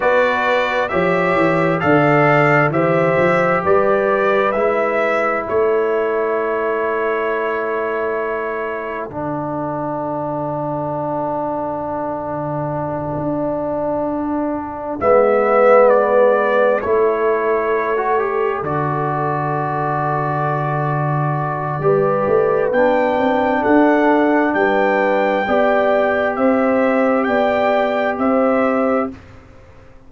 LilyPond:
<<
  \new Staff \with { instrumentName = "trumpet" } { \time 4/4 \tempo 4 = 66 d''4 e''4 f''4 e''4 | d''4 e''4 cis''2~ | cis''2 fis''2~ | fis''1~ |
fis''8 e''4 d''4 cis''4.~ | cis''8 d''2.~ d''8~ | d''4 g''4 fis''4 g''4~ | g''4 e''4 g''4 e''4 | }
  \new Staff \with { instrumentName = "horn" } { \time 4/4 b'4 cis''4 d''4 c''4 | b'2 a'2~ | a'1~ | a'1~ |
a'8 b'2 a'4.~ | a'1 | b'2 a'4 b'4 | d''4 c''4 d''4 c''4 | }
  \new Staff \with { instrumentName = "trombone" } { \time 4/4 fis'4 g'4 a'4 g'4~ | g'4 e'2.~ | e'2 d'2~ | d'1~ |
d'8 b2 e'4~ e'16 fis'16 | g'8 fis'2.~ fis'8 | g'4 d'2. | g'1 | }
  \new Staff \with { instrumentName = "tuba" } { \time 4/4 b4 f8 e8 d4 e8 f8 | g4 gis4 a2~ | a2 d2~ | d2~ d8 d'4.~ |
d'8 gis2 a4.~ | a8 d2.~ d8 | g8 a8 b8 c'8 d'4 g4 | b4 c'4 b4 c'4 | }
>>